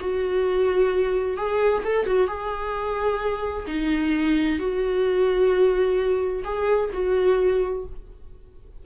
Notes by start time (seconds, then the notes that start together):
0.00 F#4
1.37 G#4
1.83 A4
2.06 F#4
2.27 G#4
3.67 D#4
4.59 F#4
6.44 G#4
6.93 F#4